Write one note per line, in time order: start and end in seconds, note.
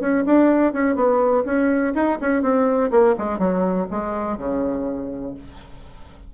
0.00 0.24 C#4
0.26 0.73 D4
0.73 0.95 C#4
0.95 1.44 B3
1.46 1.94 C#4
1.94 2.19 D#4
2.21 2.42 C#4
2.42 2.91 C4
2.91 3.15 A#3
3.18 3.38 G#3
3.38 3.87 F#3
3.91 4.38 G#3
4.38 5.34 C#3